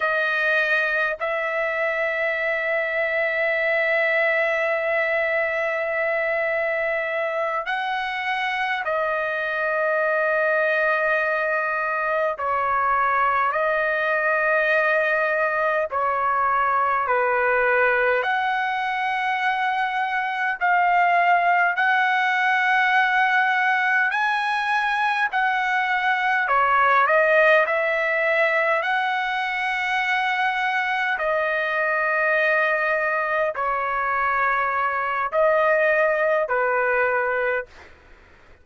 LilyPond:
\new Staff \with { instrumentName = "trumpet" } { \time 4/4 \tempo 4 = 51 dis''4 e''2.~ | e''2~ e''8 fis''4 dis''8~ | dis''2~ dis''8 cis''4 dis''8~ | dis''4. cis''4 b'4 fis''8~ |
fis''4. f''4 fis''4.~ | fis''8 gis''4 fis''4 cis''8 dis''8 e''8~ | e''8 fis''2 dis''4.~ | dis''8 cis''4. dis''4 b'4 | }